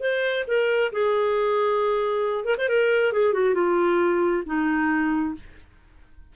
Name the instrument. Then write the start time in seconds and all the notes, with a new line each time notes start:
clarinet
0.00 C5
0.47 A#4
0.92 G#4
2.44 A#4
2.58 C5
2.68 A#4
3.13 G#4
3.33 F#4
3.54 F4
4.45 D#4